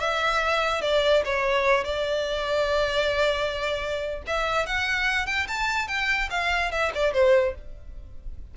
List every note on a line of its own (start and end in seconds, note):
0.00 0.82 E5
0.82 1.23 D5
1.25 1.85 C#5
1.85 4.22 D5
4.27 4.66 E5
4.66 5.26 F#5
5.26 5.47 G5
5.48 5.88 A5
5.88 6.29 G5
6.30 6.71 F5
6.71 6.92 E5
6.95 7.13 D5
7.13 7.55 C5